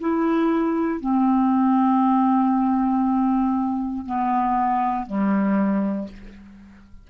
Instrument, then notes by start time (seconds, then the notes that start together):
clarinet
0.00 E4
1.00 C4
4.05 B3
5.06 G3